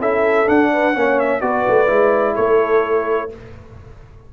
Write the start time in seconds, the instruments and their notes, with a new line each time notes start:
0.00 tuba C#4, trombone E4, horn A4, trumpet E5
0.46 trombone D4, tuba D4, trumpet F#5
0.73 horn B4
0.94 tuba A#3, trombone C#4, horn C#5
1.19 trumpet E5
1.41 tuba B3, trombone F#4, horn B4, trumpet D5
1.68 tuba A3
1.87 tuba G#3, trombone E4
2.34 tuba A3, horn A4, trumpet C#5